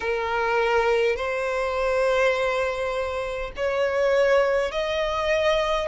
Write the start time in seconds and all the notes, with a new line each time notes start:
0.00 A#4
1.16 C5
3.56 C#5
4.71 D#5